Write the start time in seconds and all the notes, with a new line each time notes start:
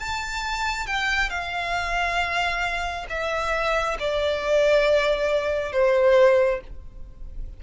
0.00 A5
0.87 G5
1.30 F5
3.10 E5
4.00 D5
5.73 C5